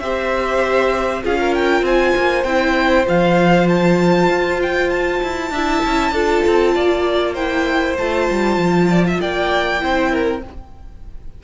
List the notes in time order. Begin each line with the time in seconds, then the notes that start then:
0.00 C4 G4 C5 E5
1.23 C#4 F4 G#4 F5
1.40 A#4
1.55 G5
1.82 C4 C5 G#5
2.17 A#3
2.44 C4 E4 G5
3.07 F3 F4 F5
3.69 A5
4.30 F4
4.63 G5
4.90 A5
5.23 E4
5.51 D4 E4 E5
5.86 C#4
6.12 D4 F4 A4
6.48 C4
6.75 A#3 D5
7.34 E4 C5 G5
7.98 A3 F4 A5
8.31 G3
8.57 F3
8.91 D5
9.08 E5
9.21 A#3 D5 G5
9.80 C4 E4 C5
10.12 A#4